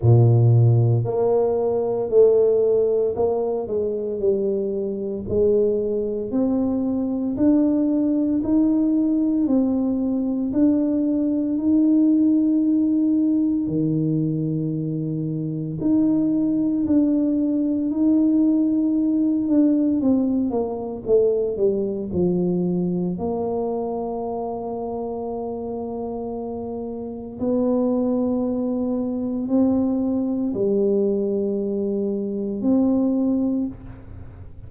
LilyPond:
\new Staff \with { instrumentName = "tuba" } { \time 4/4 \tempo 4 = 57 ais,4 ais4 a4 ais8 gis8 | g4 gis4 c'4 d'4 | dis'4 c'4 d'4 dis'4~ | dis'4 dis2 dis'4 |
d'4 dis'4. d'8 c'8 ais8 | a8 g8 f4 ais2~ | ais2 b2 | c'4 g2 c'4 | }